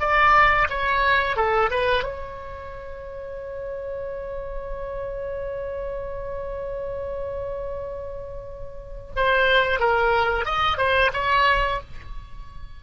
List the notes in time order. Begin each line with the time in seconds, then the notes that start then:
0.00 D5
0.69 C#5
1.36 A4
1.70 B4
2.04 C#5
9.16 C5
9.80 A#4
10.45 D#5
10.77 C5
11.13 C#5